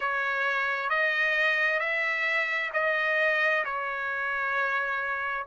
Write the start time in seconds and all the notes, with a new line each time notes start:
0.00 C#5
0.89 D#5
1.79 E5
2.73 D#5
3.64 C#5